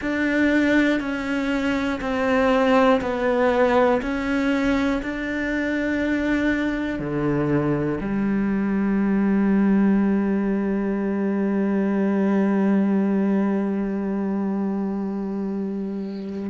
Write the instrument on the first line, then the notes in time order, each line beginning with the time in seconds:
cello
0.01 D4
1.00 C#4
2.00 C4
3.00 B3
4.01 C#4
5.02 D4
6.99 D3
8.00 G3